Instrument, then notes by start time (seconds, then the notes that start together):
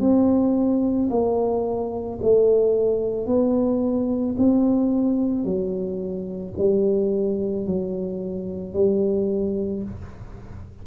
tuba
0.00 C4
1.10 A#3
2.22 A3
3.26 B3
4.38 C4
5.44 F#3
6.58 G3
7.67 F#3
8.74 G3